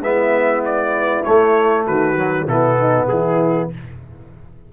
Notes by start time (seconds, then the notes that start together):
0.00 G#3 B3 E4 E5
0.65 D5
1.23 A3 C#5
1.86 D#3 F#4 B4
2.16 F#3
2.47 B2 B3 E4 A4
2.79 D#4
3.08 E3 E4 G#4